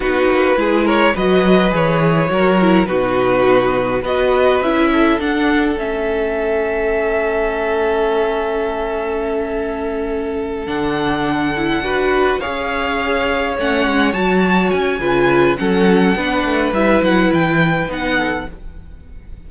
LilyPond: <<
  \new Staff \with { instrumentName = "violin" } { \time 4/4 \tempo 4 = 104 b'4. cis''8 dis''4 cis''4~ | cis''4 b'2 dis''4 | e''4 fis''4 e''2~ | e''1~ |
e''2~ e''8 fis''4.~ | fis''4. f''2 fis''8~ | fis''8 a''4 gis''4. fis''4~ | fis''4 e''8 fis''8 g''4 fis''4 | }
  \new Staff \with { instrumentName = "violin" } { \time 4/4 fis'4 gis'8 ais'8 b'2 | ais'4 fis'2 b'4~ | b'8 a'2.~ a'8~ | a'1~ |
a'1~ | a'8 b'4 cis''2~ cis''8~ | cis''2 b'4 a'4 | b'2.~ b'8 a'8 | }
  \new Staff \with { instrumentName = "viola" } { \time 4/4 dis'4 e'4 fis'4 gis'4 | fis'8 e'8 dis'2 fis'4 | e'4 d'4 cis'2~ | cis'1~ |
cis'2~ cis'8 d'4. | e'8 fis'4 gis'2 cis'8~ | cis'8 fis'4. f'4 cis'4 | d'4 e'2 dis'4 | }
  \new Staff \with { instrumentName = "cello" } { \time 4/4 b8 ais8 gis4 fis4 e4 | fis4 b,2 b4 | cis'4 d'4 a2~ | a1~ |
a2~ a8 d4.~ | d8 d'4 cis'2 a8 | gis8 fis4 cis'8 cis4 fis4 | b8 a8 g8 fis8 e4 b4 | }
>>